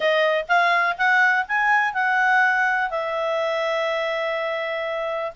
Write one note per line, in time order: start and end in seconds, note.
0.00 0.45 D#5
0.48 0.97 F5
0.97 1.46 F#5
1.48 1.93 G#5
1.93 2.90 F#5
2.90 5.32 E5